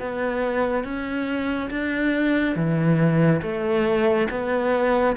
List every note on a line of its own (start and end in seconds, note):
0.00 0.85 B3
0.85 1.70 C#4
1.71 2.56 D4
2.56 3.42 E3
3.42 4.28 A3
4.31 5.17 B3